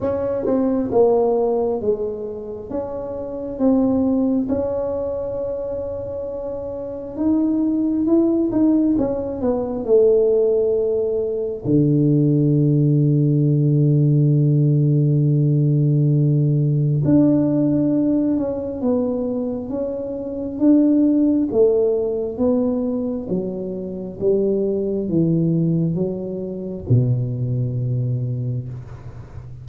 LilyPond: \new Staff \with { instrumentName = "tuba" } { \time 4/4 \tempo 4 = 67 cis'8 c'8 ais4 gis4 cis'4 | c'4 cis'2. | dis'4 e'8 dis'8 cis'8 b8 a4~ | a4 d2.~ |
d2. d'4~ | d'8 cis'8 b4 cis'4 d'4 | a4 b4 fis4 g4 | e4 fis4 b,2 | }